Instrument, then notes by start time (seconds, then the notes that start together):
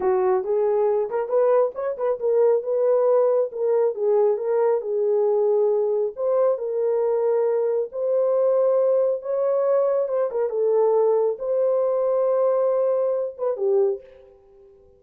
horn
0.00 F#4
0.44 G#4
1.09 A#4
1.28 B4
1.74 C#5
1.97 B4
2.19 A#4
2.62 B4
3.52 A#4
3.94 G#4
4.37 A#4
4.81 G#4
6.16 C5
6.58 A#4
7.92 C5
9.22 C#5
10.08 C5
10.31 A#4
10.49 A4
11.38 C5
13.37 B4
13.56 G4